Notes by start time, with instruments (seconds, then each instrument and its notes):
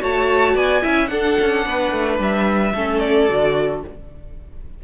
0.00 cello A3, viola F#4, violin C#5 A5
0.55 cello B3, violin D5 G#5
0.81 cello C#4, viola E4, violin E5
1.07 viola D4, cello D4, violin A4 F#5
1.40 cello C#4
1.65 cello B3, violin B4
1.91 cello A3
2.18 cello G3, violin E5
2.73 cello A3, viola C#4, violin A4
2.99 violin D5
3.28 cello D3, viola F#4